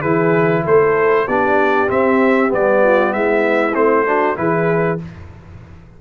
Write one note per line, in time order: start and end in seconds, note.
0.00 0.65 E3
0.00 1.27 E4
0.00 0.62 G#4
0.00 0.63 B4
0.64 1.27 A3
0.64 1.26 A4
0.64 1.27 C5
1.27 1.89 B3
1.27 1.87 D4
1.27 2.82 G4
1.27 1.89 D5
1.87 2.48 C4
1.87 2.51 C4
1.87 2.52 E5
2.48 3.14 G3
2.48 3.72 B3
2.48 3.12 D5
2.82 3.13 F4
3.12 3.75 G#3
3.12 4.06 E4
3.12 3.74 E5
3.74 4.36 A3
3.74 4.05 C4
3.74 4.36 C5
4.05 4.36 D4
4.05 4.37 F#4
4.36 4.99 E3
4.36 4.98 E4
4.36 5.01 G#4
4.36 4.98 B4